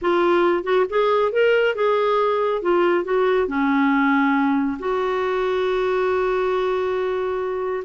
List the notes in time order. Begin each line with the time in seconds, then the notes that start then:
0.01 F4
0.63 F#4
0.89 G#4
1.32 A#4
1.75 G#4
2.61 F4
3.04 F#4
3.47 C#4
4.79 F#4